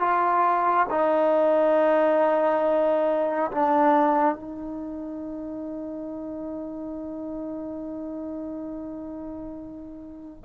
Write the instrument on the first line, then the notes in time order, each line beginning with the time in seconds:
trombone
0.00 F4
0.91 D#4
3.52 D4
4.35 D#4